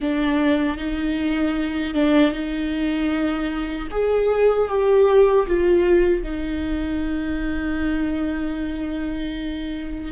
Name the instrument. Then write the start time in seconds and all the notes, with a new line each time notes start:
viola
0.00 D4
0.77 D#4
1.94 D4
2.32 D#4
3.90 G#4
4.68 G4
5.47 F4
6.22 D#4